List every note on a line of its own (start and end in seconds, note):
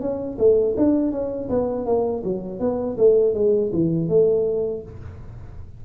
0.00 0.37 C#4
0.38 0.75 A3
0.77 1.11 D4
1.11 1.48 C#4
1.49 1.86 B3
1.86 2.23 A#3
2.23 2.59 F#3
2.59 2.96 B3
2.97 3.34 A3
3.34 3.71 G#3
3.72 4.08 E3
4.08 4.82 A3